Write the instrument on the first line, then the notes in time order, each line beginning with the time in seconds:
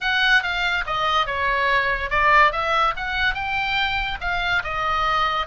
oboe
0.00 F#5
0.42 F5
0.86 D#5
1.26 C#5
2.10 D5
2.52 E5
2.96 F#5
3.34 G5
4.21 F5
4.63 D#5